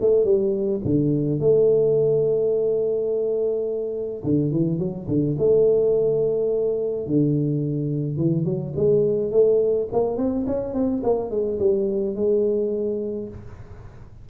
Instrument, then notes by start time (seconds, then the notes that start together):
tuba
0.00 A3
0.24 G3
0.84 D3
1.40 A3
4.23 D3
4.51 E3
4.78 F#3
5.07 D3
5.38 A3
7.06 D3
8.17 E3
8.44 F#3
8.75 G#3
9.31 A3
9.92 A#3
10.17 C4
10.46 C#4
10.74 C4
11.03 A#3
11.30 G#3
11.59 G3
12.15 G#3